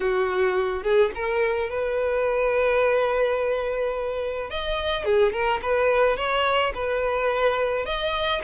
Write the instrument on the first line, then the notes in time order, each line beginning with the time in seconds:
violin
0.00 F#4
0.83 G#4
1.14 A#4
1.69 B4
4.50 D#5
5.04 G#4
5.32 A#4
5.62 B4
6.16 C#5
6.74 B4
7.85 D#5